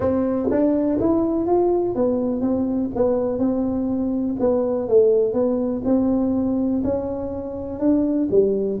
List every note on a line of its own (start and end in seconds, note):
0.00 0.49 C4
0.50 0.99 D4
1.00 1.46 E4
1.46 1.95 F4
1.95 2.41 B3
2.41 2.90 C4
2.95 3.38 B3
3.38 4.36 C4
4.39 4.88 B3
4.88 5.33 A3
5.33 5.82 B3
5.84 6.82 C4
6.84 7.79 C#4
7.79 8.28 D4
8.31 8.79 G3